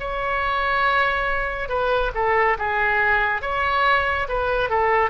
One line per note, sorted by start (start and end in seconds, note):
0.00 1.69 C#5
1.69 2.12 B4
2.15 2.58 A4
2.58 3.42 G#4
3.42 4.28 C#5
4.29 4.70 B4
4.70 5.10 A4